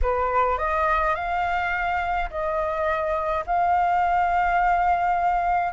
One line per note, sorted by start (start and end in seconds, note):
0.02 0.58 B4
0.58 1.15 D#5
1.15 2.29 F5
2.30 3.44 D#5
3.46 5.72 F5